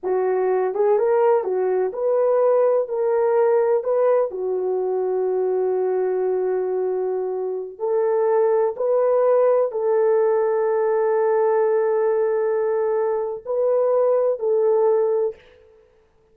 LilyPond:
\new Staff \with { instrumentName = "horn" } { \time 4/4 \tempo 4 = 125 fis'4. gis'8 ais'4 fis'4 | b'2 ais'2 | b'4 fis'2.~ | fis'1~ |
fis'16 a'2 b'4.~ b'16~ | b'16 a'2.~ a'8.~ | a'1 | b'2 a'2 | }